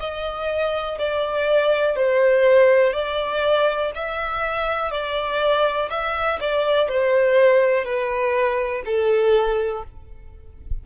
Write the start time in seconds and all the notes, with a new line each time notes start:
0.00 D#5
0.99 D5
1.96 C5
2.93 D5
3.95 E5
4.91 D5
5.90 E5
6.40 D5
6.89 C5
7.85 B4
8.86 A4